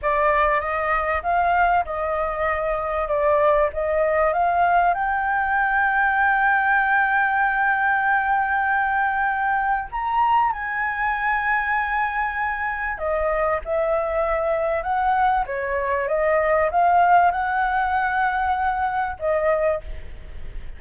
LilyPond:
\new Staff \with { instrumentName = "flute" } { \time 4/4 \tempo 4 = 97 d''4 dis''4 f''4 dis''4~ | dis''4 d''4 dis''4 f''4 | g''1~ | g''1 |
ais''4 gis''2.~ | gis''4 dis''4 e''2 | fis''4 cis''4 dis''4 f''4 | fis''2. dis''4 | }